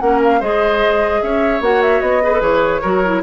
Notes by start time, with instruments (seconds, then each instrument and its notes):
0.00 bassoon A#3, clarinet C#4, oboe A#4, flute F#5
0.23 flute F5
0.40 bassoon G#3, clarinet G#4, oboe C5, flute D#5
1.22 bassoon C#4, oboe C#5, flute E5
1.61 bassoon A#3, clarinet F#4, flute F#5
1.82 flute E5
2.01 bassoon B3, flute D#5
2.23 clarinet G#4, oboe B4
2.33 clarinet A4
2.40 bassoon E3, clarinet G#4, flute C#5
2.82 bassoon F#3, clarinet F#4, oboe A#4
3.05 clarinet E4